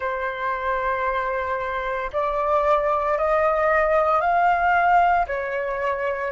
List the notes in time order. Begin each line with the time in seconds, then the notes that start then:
0.00 C5
2.12 D5
3.18 D#5
4.21 F5
5.26 C#5